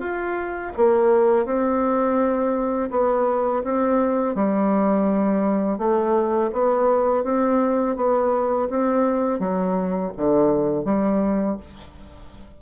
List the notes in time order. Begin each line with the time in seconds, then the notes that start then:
0.00 F4
0.77 A#3
1.46 C4
2.91 B3
3.64 C4
4.35 G3
5.79 A3
6.53 B3
7.24 C4
7.96 B3
8.70 C4
9.40 F#3
10.17 D3
10.85 G3